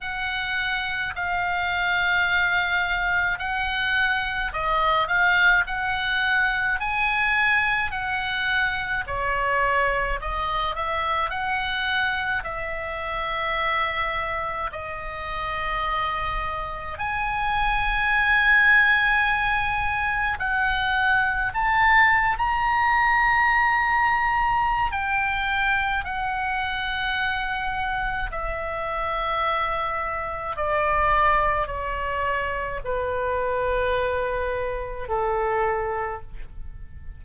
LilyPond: \new Staff \with { instrumentName = "oboe" } { \time 4/4 \tempo 4 = 53 fis''4 f''2 fis''4 | dis''8 f''8 fis''4 gis''4 fis''4 | cis''4 dis''8 e''8 fis''4 e''4~ | e''4 dis''2 gis''4~ |
gis''2 fis''4 a''8. ais''16~ | ais''2 g''4 fis''4~ | fis''4 e''2 d''4 | cis''4 b'2 a'4 | }